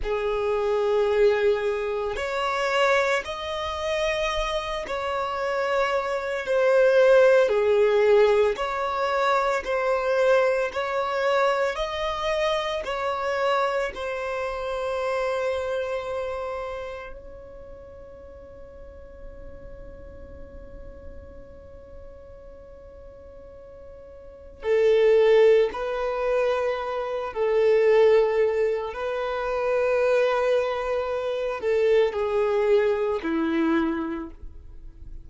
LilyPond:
\new Staff \with { instrumentName = "violin" } { \time 4/4 \tempo 4 = 56 gis'2 cis''4 dis''4~ | dis''8 cis''4. c''4 gis'4 | cis''4 c''4 cis''4 dis''4 | cis''4 c''2. |
cis''1~ | cis''2. a'4 | b'4. a'4. b'4~ | b'4. a'8 gis'4 e'4 | }